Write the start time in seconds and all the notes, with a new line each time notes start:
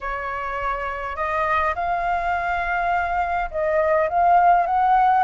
0.01 C#5
1.16 D#5
1.75 F5
3.50 D#5
4.09 F5
4.66 F#5